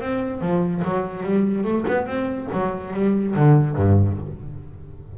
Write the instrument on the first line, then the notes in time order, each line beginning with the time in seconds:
double bass
0.00 C4
0.41 F3
0.84 F#3
1.23 G3
1.64 A3
1.87 B3
2.06 C4
2.52 F#3
2.93 G3
3.35 D3
3.76 G2